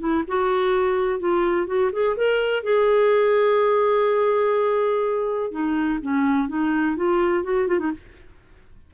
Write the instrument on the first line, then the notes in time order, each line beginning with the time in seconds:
clarinet
0.00 E4
0.28 F#4
1.20 F4
1.67 F#4
1.93 G#4
2.17 A#4
2.64 G#4
5.52 D#4
6.02 C#4
6.49 D#4
6.97 F4
7.44 F#4
7.68 F4
7.80 D#4